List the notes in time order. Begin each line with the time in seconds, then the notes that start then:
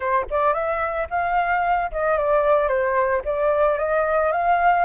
0.00 C5
0.30 D5
0.53 E5
1.10 F5
1.91 D#5
2.17 D5
2.68 C5
3.25 D5
3.78 D#5
4.31 F5